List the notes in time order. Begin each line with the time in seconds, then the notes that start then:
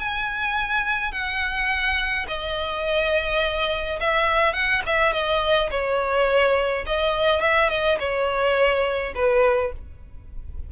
0.00 G#5
1.12 F#5
2.28 D#5
4.01 E5
4.54 F#5
4.86 E5
5.13 D#5
5.71 C#5
6.87 D#5
7.41 E5
7.70 D#5
8.00 C#5
9.15 B4